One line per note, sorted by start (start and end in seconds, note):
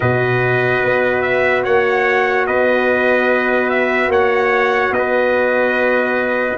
0.00 0.83 B2
0.00 6.56 F#4
0.00 1.63 B4
0.00 1.21 D#5
0.83 1.66 B3
1.21 1.62 E5
1.63 2.48 A#3
1.63 2.45 C#5
1.63 2.47 F#5
2.47 4.08 B3
2.47 4.10 B4
2.47 3.69 D#5
3.69 4.10 E5
4.08 4.90 A#3
4.08 4.93 C#5
4.08 4.93 F#5
4.91 6.55 B3
4.91 6.57 D#5
4.98 6.57 B4